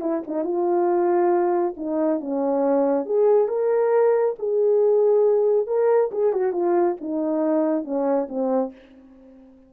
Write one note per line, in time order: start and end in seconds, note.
0.00 0.22 E4
0.27 0.44 D#4
0.44 1.74 F4
1.77 2.20 D#4
2.20 3.05 C#4
3.05 3.48 G#4
3.48 4.35 A#4
4.39 5.67 G#4
5.67 6.10 A#4
6.11 6.33 G#4
6.33 6.52 F#4
6.52 6.96 F4
7.01 7.84 D#4
7.84 8.28 C#4
8.28 8.72 C4